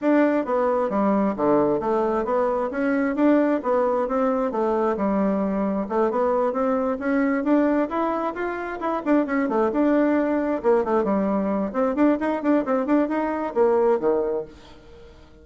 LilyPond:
\new Staff \with { instrumentName = "bassoon" } { \time 4/4 \tempo 4 = 133 d'4 b4 g4 d4 | a4 b4 cis'4 d'4 | b4 c'4 a4 g4~ | g4 a8 b4 c'4 cis'8~ |
cis'8 d'4 e'4 f'4 e'8 | d'8 cis'8 a8 d'2 ais8 | a8 g4. c'8 d'8 dis'8 d'8 | c'8 d'8 dis'4 ais4 dis4 | }